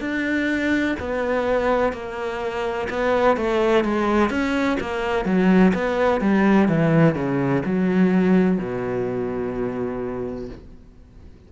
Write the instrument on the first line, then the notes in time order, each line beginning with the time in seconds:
cello
0.00 D4
1.00 B3
1.93 A#3
2.89 B3
3.37 A3
3.84 G#3
4.30 C#4
4.80 A#3
5.25 F#3
5.74 B3
6.21 G3
6.68 E3
7.15 C#3
7.65 F#3
8.58 B2